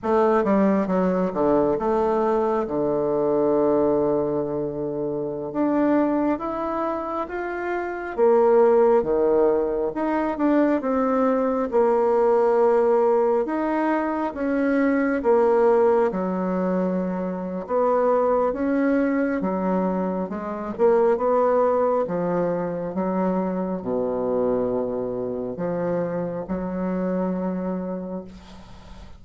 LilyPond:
\new Staff \with { instrumentName = "bassoon" } { \time 4/4 \tempo 4 = 68 a8 g8 fis8 d8 a4 d4~ | d2~ d16 d'4 e'8.~ | e'16 f'4 ais4 dis4 dis'8 d'16~ | d'16 c'4 ais2 dis'8.~ |
dis'16 cis'4 ais4 fis4.~ fis16 | b4 cis'4 fis4 gis8 ais8 | b4 f4 fis4 b,4~ | b,4 f4 fis2 | }